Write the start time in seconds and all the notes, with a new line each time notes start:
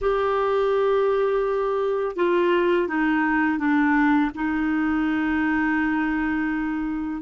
0.01 G4
2.16 F4
2.88 D#4
3.58 D4
4.34 D#4